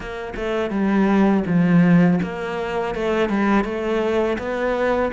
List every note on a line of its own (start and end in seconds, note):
0.00 0.33 A#3
0.36 0.70 A3
0.70 1.43 G3
1.46 2.19 F3
2.23 2.94 A#3
2.94 3.29 A3
3.29 3.64 G3
3.64 4.37 A3
4.38 5.11 B3